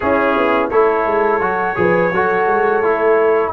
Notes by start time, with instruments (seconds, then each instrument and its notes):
0.00 tuba C#4, trombone C#4, horn E4, trumpet G#4
0.36 tuba B3
0.70 tuba A3, trombone E4, horn A4, trumpet C#5
1.05 tuba G#3
1.40 tuba F#3, trombone F#4
1.76 tuba F3, trombone G#4, horn B4
2.11 tuba F#3, trombone F#4, horn A4
2.46 tuba G#3
2.82 tuba A3, trombone E4